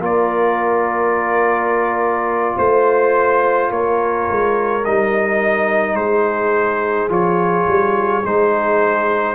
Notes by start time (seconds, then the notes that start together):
0.00 A#3 F4 A#4 D5
2.56 A3 C5
3.71 A#3 A#4 C#5
4.30 G#3
4.85 G3 D#4 D#5
5.94 G#3 G#4 C5
7.09 F3 F4 C#5
7.67 G3
8.23 G#3 D#4 C5